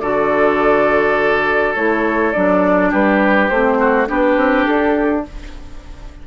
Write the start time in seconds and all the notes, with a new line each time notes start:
0.00 D3 F#4 A4 D5
1.75 A3 E4 C#5
2.33 F#3 D4 D5
2.91 G3 G4 B4
3.49 A3 C4 C5
3.80 F#4
4.07 B3 D4 G4 B4
4.37 C4
4.66 D4 A4